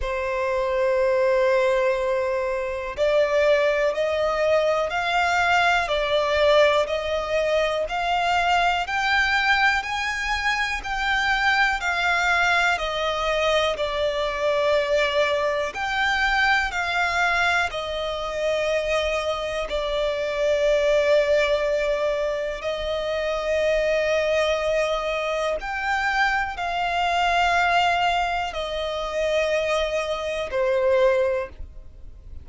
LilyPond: \new Staff \with { instrumentName = "violin" } { \time 4/4 \tempo 4 = 61 c''2. d''4 | dis''4 f''4 d''4 dis''4 | f''4 g''4 gis''4 g''4 | f''4 dis''4 d''2 |
g''4 f''4 dis''2 | d''2. dis''4~ | dis''2 g''4 f''4~ | f''4 dis''2 c''4 | }